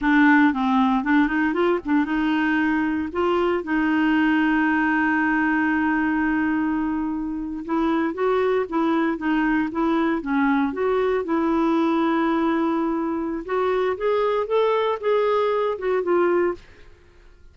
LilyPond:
\new Staff \with { instrumentName = "clarinet" } { \time 4/4 \tempo 4 = 116 d'4 c'4 d'8 dis'8 f'8 d'8 | dis'2 f'4 dis'4~ | dis'1~ | dis'2~ dis'8. e'4 fis'16~ |
fis'8. e'4 dis'4 e'4 cis'16~ | cis'8. fis'4 e'2~ e'16~ | e'2 fis'4 gis'4 | a'4 gis'4. fis'8 f'4 | }